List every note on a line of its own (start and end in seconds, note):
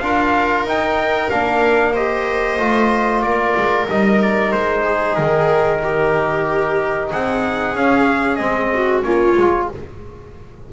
0.00 0.64 D4
0.00 0.68 F4
0.00 1.94 A#4
0.00 0.65 F5
0.64 1.29 D#4
0.64 1.31 D#4
0.64 1.30 G5
1.30 2.59 A#3
1.30 1.95 D4
1.30 1.95 F5
1.94 2.59 G4
1.94 3.23 C5
1.94 3.21 D#5
2.59 3.23 A3
2.59 3.88 F4
3.21 3.55 A#3
3.21 4.84 A#4
3.21 3.86 D5
3.57 3.89 G#3
3.90 4.54 G3
3.90 7.76 D#4
3.90 4.22 D#5
4.22 4.52 D5
4.52 5.18 G#3
4.52 5.16 C5
4.84 5.80 G#4
5.16 7.11 D#3
5.16 7.09 A#4
5.84 7.11 G4
7.11 7.75 C4
7.11 8.73 G#4
7.11 7.77 F#5
7.75 8.39 C#4
7.75 8.36 F5
8.36 9.04 G#3
8.36 9.03 C4
8.36 9.00 D#5
8.74 9.06 F#4
9.03 9.37 A#3
9.03 9.36 C#4
9.03 9.70 F4
9.03 9.67 C#5
9.37 9.69 G#3
9.37 9.73 F4